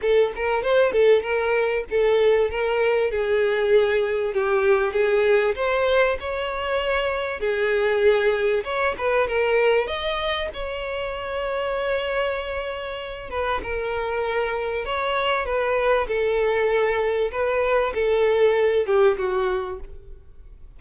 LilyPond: \new Staff \with { instrumentName = "violin" } { \time 4/4 \tempo 4 = 97 a'8 ais'8 c''8 a'8 ais'4 a'4 | ais'4 gis'2 g'4 | gis'4 c''4 cis''2 | gis'2 cis''8 b'8 ais'4 |
dis''4 cis''2.~ | cis''4. b'8 ais'2 | cis''4 b'4 a'2 | b'4 a'4. g'8 fis'4 | }